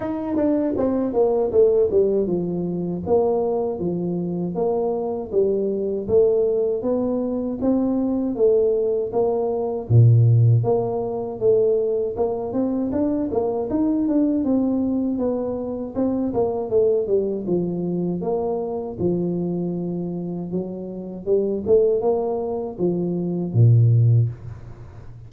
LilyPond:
\new Staff \with { instrumentName = "tuba" } { \time 4/4 \tempo 4 = 79 dis'8 d'8 c'8 ais8 a8 g8 f4 | ais4 f4 ais4 g4 | a4 b4 c'4 a4 | ais4 ais,4 ais4 a4 |
ais8 c'8 d'8 ais8 dis'8 d'8 c'4 | b4 c'8 ais8 a8 g8 f4 | ais4 f2 fis4 | g8 a8 ais4 f4 ais,4 | }